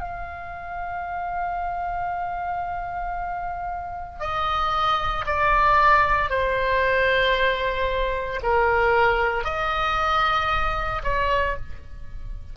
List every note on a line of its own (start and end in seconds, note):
0.00 4.20 F5
4.20 5.25 D#5
5.26 6.29 D5
6.29 8.40 C5
8.42 9.44 A#4
9.44 11.02 D#5
11.03 11.56 C#5